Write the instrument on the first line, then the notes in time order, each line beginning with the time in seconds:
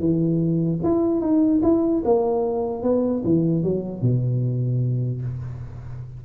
tuba
0.00 E3
0.84 E4
1.21 D#4
1.63 E4
2.05 A#3
2.83 B3
3.25 E3
3.64 F#3
4.02 B2